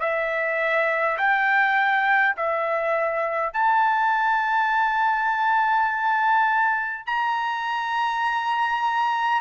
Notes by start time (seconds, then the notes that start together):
0.00 E5
1.18 G5
2.36 E5
3.53 A5
7.06 A#5